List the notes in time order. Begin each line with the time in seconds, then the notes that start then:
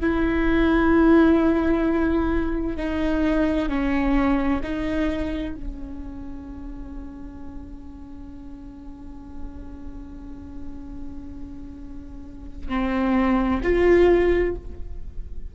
0.00 E4
2.77 D#4
3.68 C#4
4.62 D#4
5.55 C#4
12.68 C4
13.63 F4